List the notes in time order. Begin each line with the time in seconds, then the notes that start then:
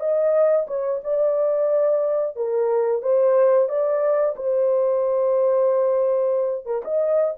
0.00 D#5
0.67 C#5
1.04 D5
2.36 A#4
3.02 C5
3.69 D5
4.36 C5
6.66 A#4
6.85 D#5